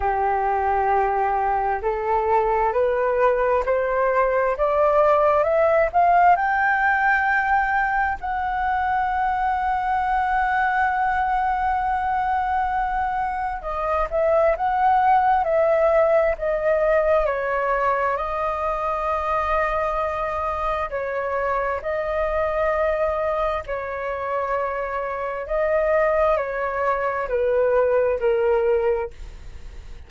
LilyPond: \new Staff \with { instrumentName = "flute" } { \time 4/4 \tempo 4 = 66 g'2 a'4 b'4 | c''4 d''4 e''8 f''8 g''4~ | g''4 fis''2.~ | fis''2. dis''8 e''8 |
fis''4 e''4 dis''4 cis''4 | dis''2. cis''4 | dis''2 cis''2 | dis''4 cis''4 b'4 ais'4 | }